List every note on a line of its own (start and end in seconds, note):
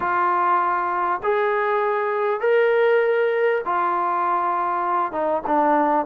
0.00 1.21 F4
1.23 2.40 G#4
2.40 3.61 A#4
3.65 5.12 F4
5.12 5.42 D#4
5.47 6.05 D4